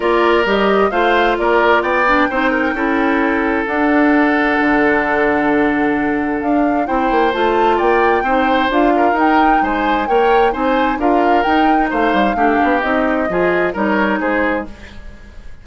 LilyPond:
<<
  \new Staff \with { instrumentName = "flute" } { \time 4/4 \tempo 4 = 131 d''4 dis''4 f''4 d''4 | g''1 | fis''1~ | fis''2 f''4 g''4 |
a''4 g''2 f''4 | g''4 gis''4 g''4 gis''4 | f''4 g''4 f''2 | dis''2 cis''4 c''4 | }
  \new Staff \with { instrumentName = "oboe" } { \time 4/4 ais'2 c''4 ais'4 | d''4 c''8 ais'8 a'2~ | a'1~ | a'2. c''4~ |
c''4 d''4 c''4. ais'8~ | ais'4 c''4 cis''4 c''4 | ais'2 c''4 g'4~ | g'4 gis'4 ais'4 gis'4 | }
  \new Staff \with { instrumentName = "clarinet" } { \time 4/4 f'4 g'4 f'2~ | f'8 d'8 dis'4 e'2 | d'1~ | d'2. e'4 |
f'2 dis'4 f'4 | dis'2 ais'4 dis'4 | f'4 dis'2 d'4 | dis'4 f'4 dis'2 | }
  \new Staff \with { instrumentName = "bassoon" } { \time 4/4 ais4 g4 a4 ais4 | b4 c'4 cis'2 | d'2 d2~ | d2 d'4 c'8 ais8 |
a4 ais4 c'4 d'4 | dis'4 gis4 ais4 c'4 | d'4 dis'4 a8 g8 a8 b8 | c'4 f4 g4 gis4 | }
>>